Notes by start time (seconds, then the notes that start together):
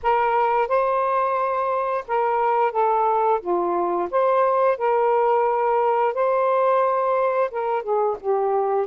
0.02 A#4
0.68 C5
2.07 A#4
2.72 A4
3.40 F4
4.10 C5
4.77 A#4
6.14 C5
7.51 A#4
7.82 G#4
8.20 G4